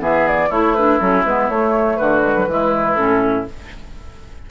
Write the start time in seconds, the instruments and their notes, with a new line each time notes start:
0.00 bassoon E3, clarinet B3, oboe G#4, flute E5
0.28 flute D5
0.49 bassoon A3, oboe E4, clarinet E4, flute C#5
0.75 clarinet D4, flute B4
0.99 bassoon F#3, clarinet C#4, flute A4
1.25 bassoon G#3, clarinet B3, flute B4
1.49 bassoon A3, clarinet A3, flute C#5
1.97 bassoon D3, oboe F#4, flute B4
2.22 clarinet G#3
2.36 clarinet F#3
2.48 bassoon E3, clarinet G#3, oboe E4
2.95 bassoon A2, clarinet C#4, flute A4